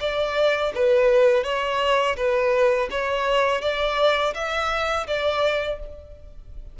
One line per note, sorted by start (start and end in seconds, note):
0.00 0.72 D5
0.74 1.44 B4
1.44 2.16 C#5
2.16 2.88 B4
2.90 3.61 C#5
3.61 4.33 D5
4.34 5.06 E5
5.07 5.79 D5